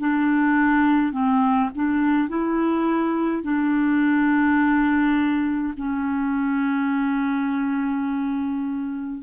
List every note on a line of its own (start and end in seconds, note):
0.00 1.13 D4
1.13 1.70 C4
1.75 2.29 D4
2.29 3.44 E4
3.44 5.74 D4
5.77 9.24 C#4